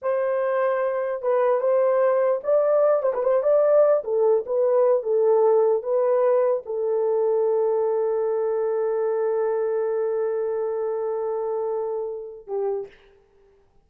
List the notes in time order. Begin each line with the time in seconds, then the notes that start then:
0.01 C5
1.22 B4
1.60 C5
2.43 D5
3.02 C5
3.13 B4
3.23 C5
3.42 D5
4.04 A4
4.46 B4
5.02 A4
5.82 B4
6.65 A4
12.47 G4